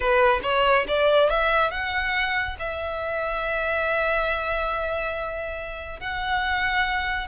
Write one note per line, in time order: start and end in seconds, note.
0.00 0.40 B4
0.42 0.85 C#5
0.87 1.29 D5
1.29 1.70 E5
1.70 2.56 F#5
2.59 6.00 E5
6.00 7.27 F#5